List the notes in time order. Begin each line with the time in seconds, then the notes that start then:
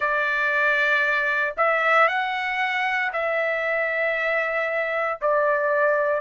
0.00 D5
1.57 E5
2.08 F#5
3.12 E5
5.21 D5